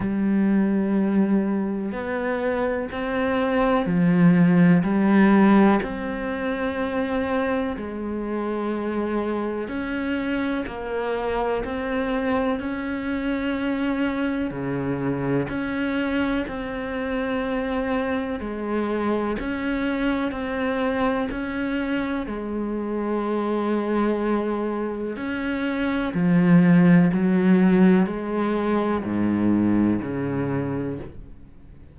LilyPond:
\new Staff \with { instrumentName = "cello" } { \time 4/4 \tempo 4 = 62 g2 b4 c'4 | f4 g4 c'2 | gis2 cis'4 ais4 | c'4 cis'2 cis4 |
cis'4 c'2 gis4 | cis'4 c'4 cis'4 gis4~ | gis2 cis'4 f4 | fis4 gis4 gis,4 cis4 | }